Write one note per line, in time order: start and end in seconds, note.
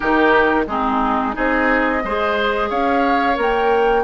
0.00 0.66 D#3
0.00 0.66 D#4
0.00 0.64 G4
0.00 0.64 A#4
0.66 1.34 G#3
0.66 1.33 C4
0.66 1.35 D#4
0.66 1.35 G#4
1.33 2.04 C4
1.33 2.00 D#4
1.33 2.03 G#4
1.33 2.70 D#5
2.04 2.70 G#3
2.04 3.34 G#4
2.04 2.69 C5
2.69 3.37 C#4
2.69 4.04 C#5
2.69 3.37 F5
3.34 4.04 A#3
3.34 4.01 A#4
3.41 4.04 G5